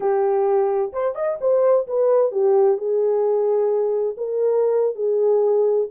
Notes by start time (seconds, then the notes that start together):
0.00 G4
0.93 C5
1.15 D#5
1.40 C5
1.87 B4
2.31 G4
2.77 G#4
4.17 A#4
4.95 G#4